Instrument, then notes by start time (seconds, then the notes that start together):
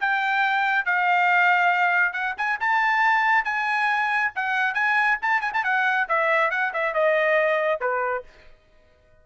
trumpet
0.00 G5
0.85 F5
2.13 F#5
2.37 G#5
2.60 A5
3.44 G#5
4.35 F#5
4.74 G#5
5.22 A5
5.41 G#5
5.53 A5
5.64 F#5
6.08 E5
6.51 F#5
6.73 E5
6.94 D#5
7.80 B4